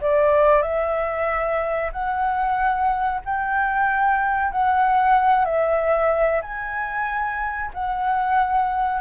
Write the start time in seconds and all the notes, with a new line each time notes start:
0.00 D5
0.62 E5
1.92 F#5
3.25 G5
4.51 F#5
5.44 E5
6.42 G#5
7.73 F#5